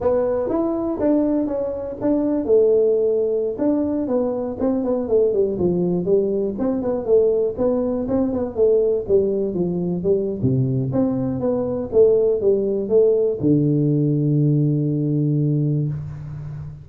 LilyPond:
\new Staff \with { instrumentName = "tuba" } { \time 4/4 \tempo 4 = 121 b4 e'4 d'4 cis'4 | d'4 a2~ a16 d'8.~ | d'16 b4 c'8 b8 a8 g8 f8.~ | f16 g4 c'8 b8 a4 b8.~ |
b16 c'8 b8 a4 g4 f8.~ | f16 g8. c4 c'4 b4 | a4 g4 a4 d4~ | d1 | }